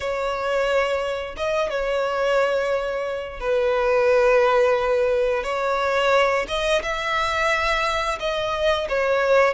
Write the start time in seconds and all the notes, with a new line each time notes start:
0.00 C#5
1.36 D#5
1.70 C#5
3.39 B4
5.43 C#5
6.47 D#5
6.82 E5
8.19 D#5
8.89 C#5